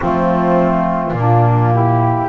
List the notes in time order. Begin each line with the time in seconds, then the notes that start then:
0.00 F3 A3 C4 F4
1.11 A#2 A#3
1.17 D4
1.73 E4 G4